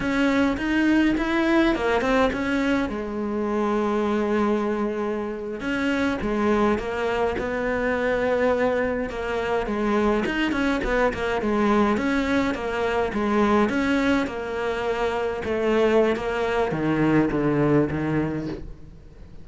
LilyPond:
\new Staff \with { instrumentName = "cello" } { \time 4/4 \tempo 4 = 104 cis'4 dis'4 e'4 ais8 c'8 | cis'4 gis2.~ | gis4.~ gis16 cis'4 gis4 ais16~ | ais8. b2. ais16~ |
ais8. gis4 dis'8 cis'8 b8 ais8 gis16~ | gis8. cis'4 ais4 gis4 cis'16~ | cis'8. ais2 a4~ a16 | ais4 dis4 d4 dis4 | }